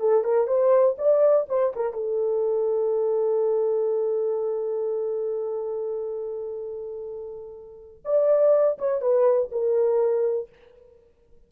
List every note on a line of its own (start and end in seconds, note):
0.00 0.24 A4
0.24 0.47 A#4
0.47 0.96 C5
0.98 1.47 D5
1.49 1.73 C5
1.75 1.93 A#4
1.93 8.03 A4
8.05 8.78 D5
8.78 9.01 C#5
9.01 9.50 B4
9.51 10.49 A#4